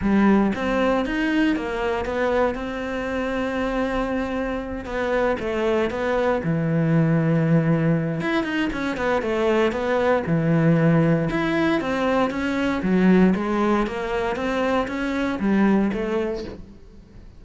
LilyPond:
\new Staff \with { instrumentName = "cello" } { \time 4/4 \tempo 4 = 117 g4 c'4 dis'4 ais4 | b4 c'2.~ | c'4. b4 a4 b8~ | b8 e2.~ e8 |
e'8 dis'8 cis'8 b8 a4 b4 | e2 e'4 c'4 | cis'4 fis4 gis4 ais4 | c'4 cis'4 g4 a4 | }